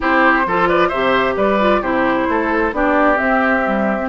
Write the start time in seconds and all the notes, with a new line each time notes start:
0.00 C4 E4 G4 C5
0.45 F3 F4 A4
0.68 B4 D5
0.88 C3 G4 C5 E5
1.36 G3 B4 D5
1.60 F4
1.81 C3 E4 G4 C5
2.28 A3 A4
2.72 B3 D4 G4 D5
3.15 C4 E5
3.65 G3
3.99 C4